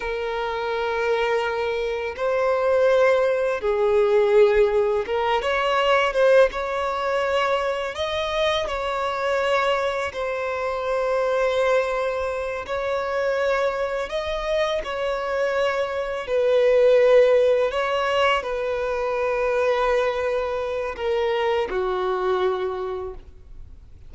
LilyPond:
\new Staff \with { instrumentName = "violin" } { \time 4/4 \tempo 4 = 83 ais'2. c''4~ | c''4 gis'2 ais'8 cis''8~ | cis''8 c''8 cis''2 dis''4 | cis''2 c''2~ |
c''4. cis''2 dis''8~ | dis''8 cis''2 b'4.~ | b'8 cis''4 b'2~ b'8~ | b'4 ais'4 fis'2 | }